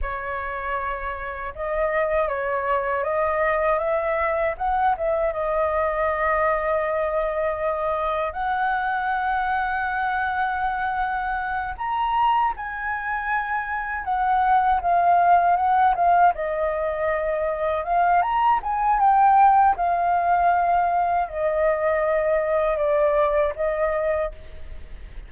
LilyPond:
\new Staff \with { instrumentName = "flute" } { \time 4/4 \tempo 4 = 79 cis''2 dis''4 cis''4 | dis''4 e''4 fis''8 e''8 dis''4~ | dis''2. fis''4~ | fis''2.~ fis''8 ais''8~ |
ais''8 gis''2 fis''4 f''8~ | f''8 fis''8 f''8 dis''2 f''8 | ais''8 gis''8 g''4 f''2 | dis''2 d''4 dis''4 | }